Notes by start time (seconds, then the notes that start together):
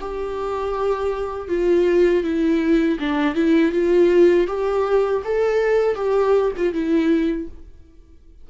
0.00 G4
1.48 F4
2.23 E4
2.99 D4
3.34 E4
3.72 F4
4.47 G4
5.24 A4
5.95 G4
6.57 F4
6.73 E4